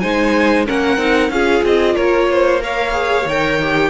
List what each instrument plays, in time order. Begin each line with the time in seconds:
0.00 cello G#3, viola D#4, violin C5 G#5
0.66 cello A#3, viola C#4, violin A#4 F#5
0.98 cello C4, viola D#4
1.30 cello C#4, viola F4, violin G#4 F5
1.64 cello C4, violin D#5
1.96 cello A#3, violin A#4 C#5
2.31 violin C5
2.61 viola A#4, violin C#5 F5
2.92 viola G#4
3.26 cello D#3, viola A#4, violin G5
3.62 viola G4